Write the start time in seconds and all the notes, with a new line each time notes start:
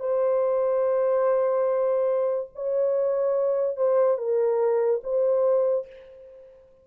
0.00 C5
2.55 C#5
3.77 C5
4.18 A#4
5.03 C5